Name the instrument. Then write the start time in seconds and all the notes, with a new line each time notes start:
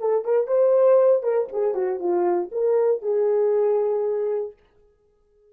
horn
0.00 A4
0.25 A#4
0.47 C5
1.23 A#4
1.52 G#4
1.74 F#4
1.99 F4
2.51 A#4
3.02 G#4